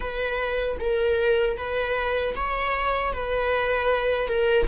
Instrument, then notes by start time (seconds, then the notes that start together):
viola
0.00 B4
0.79 A#4
1.57 B4
2.36 C#5
3.13 B4
4.28 A#4